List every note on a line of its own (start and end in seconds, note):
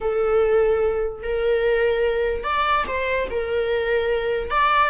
0.00 1.22 A4
1.22 2.43 A#4
2.43 2.84 D5
2.87 3.28 C5
3.30 4.50 A#4
4.50 4.90 D5